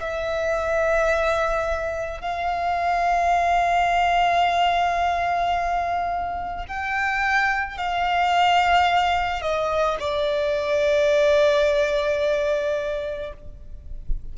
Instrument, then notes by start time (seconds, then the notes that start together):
violin
0.00 E5
2.21 F5
6.68 G5
7.77 F5
9.41 D#5
9.99 D5